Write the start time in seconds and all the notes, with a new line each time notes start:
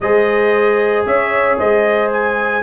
0.00 G#3 G#4 C5 D#5
1.05 C#4 C#5 E5
1.58 G#3 C5 D#5
2.12 G#5